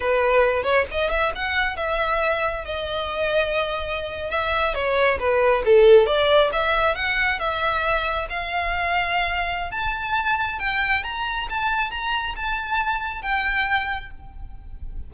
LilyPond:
\new Staff \with { instrumentName = "violin" } { \time 4/4 \tempo 4 = 136 b'4. cis''8 dis''8 e''8 fis''4 | e''2 dis''2~ | dis''4.~ dis''16 e''4 cis''4 b'16~ | b'8. a'4 d''4 e''4 fis''16~ |
fis''8. e''2 f''4~ f''16~ | f''2 a''2 | g''4 ais''4 a''4 ais''4 | a''2 g''2 | }